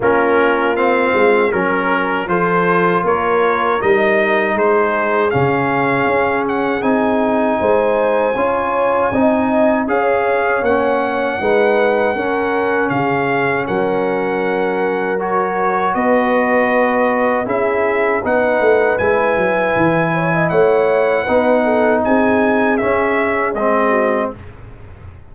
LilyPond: <<
  \new Staff \with { instrumentName = "trumpet" } { \time 4/4 \tempo 4 = 79 ais'4 f''4 ais'4 c''4 | cis''4 dis''4 c''4 f''4~ | f''8 fis''8 gis''2.~ | gis''4 f''4 fis''2~ |
fis''4 f''4 fis''2 | cis''4 dis''2 e''4 | fis''4 gis''2 fis''4~ | fis''4 gis''4 e''4 dis''4 | }
  \new Staff \with { instrumentName = "horn" } { \time 4/4 f'2 ais'4 a'4 | ais'2 gis'2~ | gis'2 c''4 cis''4 | dis''4 cis''2 b'4 |
ais'4 gis'4 ais'2~ | ais'4 b'2 gis'4 | b'2~ b'8 cis''16 dis''16 cis''4 | b'8 a'8 gis'2~ gis'8 fis'8 | }
  \new Staff \with { instrumentName = "trombone" } { \time 4/4 cis'4 c'4 cis'4 f'4~ | f'4 dis'2 cis'4~ | cis'4 dis'2 f'4 | dis'4 gis'4 cis'4 dis'4 |
cis'1 | fis'2. e'4 | dis'4 e'2. | dis'2 cis'4 c'4 | }
  \new Staff \with { instrumentName = "tuba" } { \time 4/4 ais4. gis8 fis4 f4 | ais4 g4 gis4 cis4 | cis'4 c'4 gis4 cis'4 | c'4 cis'4 ais4 gis4 |
cis'4 cis4 fis2~ | fis4 b2 cis'4 | b8 a8 gis8 fis8 e4 a4 | b4 c'4 cis'4 gis4 | }
>>